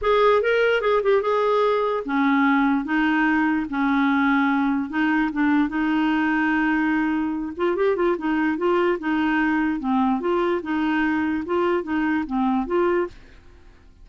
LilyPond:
\new Staff \with { instrumentName = "clarinet" } { \time 4/4 \tempo 4 = 147 gis'4 ais'4 gis'8 g'8 gis'4~ | gis'4 cis'2 dis'4~ | dis'4 cis'2. | dis'4 d'4 dis'2~ |
dis'2~ dis'8 f'8 g'8 f'8 | dis'4 f'4 dis'2 | c'4 f'4 dis'2 | f'4 dis'4 c'4 f'4 | }